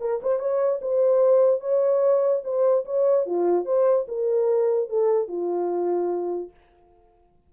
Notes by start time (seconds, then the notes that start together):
0.00 A#4
0.22 C5
0.39 C#5
0.81 C5
1.60 C#5
2.44 C5
2.85 C#5
3.26 F4
3.65 C5
4.08 A#4
4.89 A4
5.28 F4